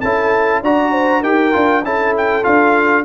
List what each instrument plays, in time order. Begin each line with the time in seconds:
0.00 tuba C#4, trombone E4, horn A4, trumpet A5
0.62 tuba D4, trombone F#4, horn D5, trumpet A#5
0.92 horn C5
1.21 tuba D#4, trombone G4, horn A#4, trumpet G5
1.52 tuba D4, trombone F4
1.83 tuba C#4, trombone E4, horn A4, trumpet A5
2.17 trumpet G5
2.43 tuba D4, trombone F4, trumpet F5